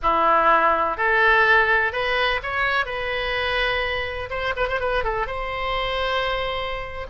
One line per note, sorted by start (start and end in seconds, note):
0.02 0.97 E4
0.97 1.92 A4
1.92 2.40 B4
2.43 2.85 C#5
2.85 4.29 B4
4.30 4.54 C5
4.56 4.68 B4
4.68 4.80 C5
4.80 5.04 B4
5.04 5.26 A4
5.26 7.06 C5